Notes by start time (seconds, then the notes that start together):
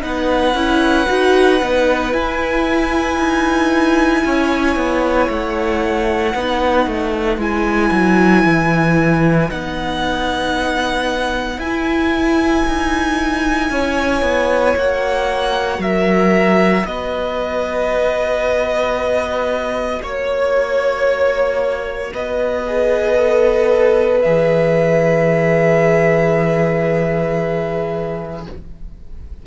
0.00 B3 D#4 B4 F#5
0.54 C#4 E4
1.06 D#4 F#4
1.60 B3 D#4
2.11 E4 G#5
3.18 D#4
4.25 C#4 C#5
4.76 B3
5.29 A3 F#5
6.34 B3 D#4 B4
6.86 A3
7.37 G#3 E4 G#5
7.91 F#3
8.45 E3
9.48 B3 D#4 F#5
11.58 E4 G#5
12.67 D#4
13.70 C#4 C#5
14.22 B3
14.76 A#3 F#4 F#5
15.79 F#3 A#4 E5
16.85 B3 B4 D#5
20.02 A#3 C#5
22.13 B3 B4 D#5
22.67 G#4
23.16 A4
24.21 E3 G#4 E5